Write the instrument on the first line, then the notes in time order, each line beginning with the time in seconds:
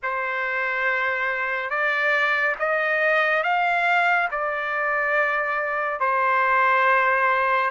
trumpet
0.02 C5
1.69 D5
2.59 D#5
3.43 F5
4.31 D5
6.00 C5